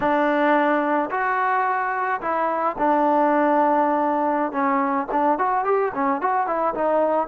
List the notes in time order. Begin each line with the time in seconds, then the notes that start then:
0.00 D4
1.10 F#4
2.21 E4
2.78 D4
4.51 C#4
5.11 D4
5.38 F#4
5.64 G4
5.94 C#4
6.21 F#4
6.46 E4
6.74 D#4